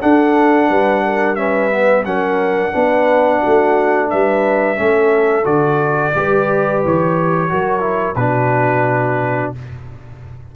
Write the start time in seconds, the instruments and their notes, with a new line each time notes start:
0.00 trombone D4, tuba D4, horn A4, trumpet F#5
0.69 tuba G3, horn B4
1.05 horn A#4
1.35 trombone C#4, horn B4, trumpet E5
1.69 trombone B3
2.05 tuba F#3, trombone C#4, horn A#4, trumpet F#5
2.71 tuba B3, trombone D4, horn B4
3.39 horn F#4
3.46 tuba A3
4.10 tuba G3, horn B4, trumpet E5
4.76 tuba A3, trombone C#4, horn A4
5.44 tuba D3, trombone F#4, trumpet D5
6.15 tuba G3, trombone G4, horn B4
6.84 tuba E3, trumpet C#5
7.49 tuba F#3, trombone F#4, horn A#4
7.80 trombone E4
8.15 tuba B2, trombone D4, horn F#4, trumpet B4